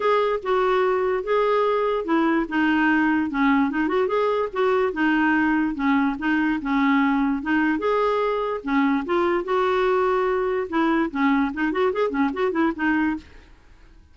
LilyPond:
\new Staff \with { instrumentName = "clarinet" } { \time 4/4 \tempo 4 = 146 gis'4 fis'2 gis'4~ | gis'4 e'4 dis'2 | cis'4 dis'8 fis'8 gis'4 fis'4 | dis'2 cis'4 dis'4 |
cis'2 dis'4 gis'4~ | gis'4 cis'4 f'4 fis'4~ | fis'2 e'4 cis'4 | dis'8 fis'8 gis'8 cis'8 fis'8 e'8 dis'4 | }